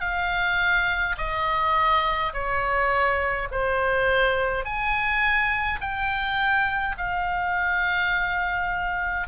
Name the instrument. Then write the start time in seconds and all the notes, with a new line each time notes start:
oboe
0.00 F5
1.17 D#5
2.33 C#5
3.51 C5
4.65 G#5
5.81 G5
6.98 F5